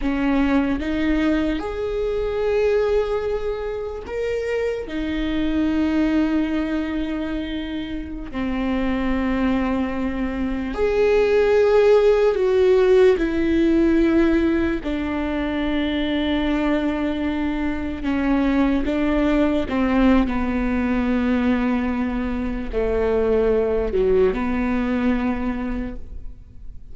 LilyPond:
\new Staff \with { instrumentName = "viola" } { \time 4/4 \tempo 4 = 74 cis'4 dis'4 gis'2~ | gis'4 ais'4 dis'2~ | dis'2~ dis'16 c'4.~ c'16~ | c'4~ c'16 gis'2 fis'8.~ |
fis'16 e'2 d'4.~ d'16~ | d'2~ d'16 cis'4 d'8.~ | d'16 c'8. b2. | a4. fis8 b2 | }